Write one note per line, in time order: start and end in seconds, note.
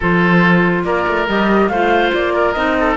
0.00 0.84 F3
0.00 1.28 F4
0.00 0.82 A4
0.00 0.84 C5
0.84 1.05 A#3
0.84 1.70 A#4
0.84 1.26 D5
1.07 1.28 A3
1.28 1.69 G3
1.28 1.71 G4
1.28 1.68 D#5
1.68 2.11 A3
1.68 2.55 F4
1.68 2.33 C5
1.68 2.11 F5
2.13 2.55 A#3
2.13 2.52 D5
2.33 2.76 A#4
2.52 2.97 C4
2.52 2.97 D#4
2.52 2.95 D#5
2.79 2.97 A4